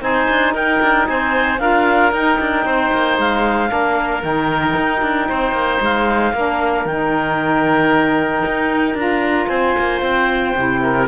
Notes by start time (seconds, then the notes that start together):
0.00 C4 D#4 C5 G#5
0.29 D4
0.54 D#4 A#4 G5
0.82 D4
1.07 C4 C5 G#5
1.59 D4 F4 A#4 F5
2.12 D#4 G5
2.40 D4
2.65 C4 C5
2.92 A#3
3.18 G#3 F5
3.68 A#3 D4 A#4
4.22 D#3 D#4 G5
4.76 D#4
5.01 D4
5.29 C4 C5
5.52 A#3
5.81 G#3 F5
6.33 A#3 D4 A#4
6.85 D#3 D#4 G5
8.45 D#4
8.94 D4 F4 A#5
9.47 C4 C5 G#5
9.78 A#3
10.01 C4 G5
10.55 C3 E4
10.83 A#4